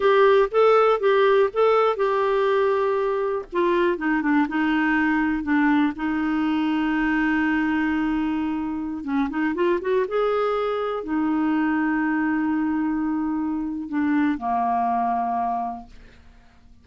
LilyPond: \new Staff \with { instrumentName = "clarinet" } { \time 4/4 \tempo 4 = 121 g'4 a'4 g'4 a'4 | g'2. f'4 | dis'8 d'8 dis'2 d'4 | dis'1~ |
dis'2~ dis'16 cis'8 dis'8 f'8 fis'16~ | fis'16 gis'2 dis'4.~ dis'16~ | dis'1 | d'4 ais2. | }